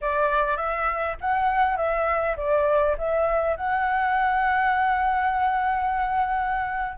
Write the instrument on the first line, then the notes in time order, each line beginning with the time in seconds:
flute
0.01 D5
0.56 E5
1.20 F#5
1.76 E5
2.37 D5
2.98 E5
3.56 F#5